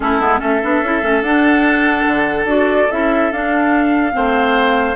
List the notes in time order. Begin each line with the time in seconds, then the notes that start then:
0.00 A3 C#4 E4 A4
0.19 G#3 B3
0.39 A3 C#4 A4 E5
0.62 B3 D4
0.82 C#4 E4
1.01 A3 C#4
1.22 D4 F#5
2.06 D3
2.44 D4 F#4 D5
2.90 C#4 E4 E5
3.31 D4 F5
4.11 A3 C4 C5